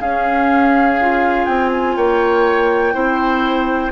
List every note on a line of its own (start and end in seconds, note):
0.00 0.98 C#4
0.00 1.47 C#4
0.00 1.97 G#4
0.00 1.45 F5
1.01 2.93 F4
1.45 1.96 C4
1.45 1.70 G5
1.72 1.96 G#5
1.96 2.95 A#3
1.96 2.94 C#5
1.96 3.92 G5
2.93 3.92 C4
2.93 3.91 E4
2.93 3.92 C5